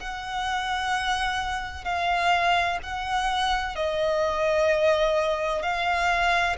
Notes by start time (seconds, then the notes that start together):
0.00 F#5
1.85 F5
2.83 F#5
3.75 D#5
5.62 F5